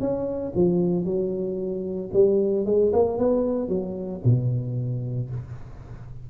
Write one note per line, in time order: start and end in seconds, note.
0.00 0.53 C#4
0.56 1.05 F3
1.05 2.10 F#3
2.13 2.66 G3
2.66 2.92 G#3
2.93 3.18 A#3
3.18 3.68 B3
3.68 4.21 F#3
4.25 5.30 B2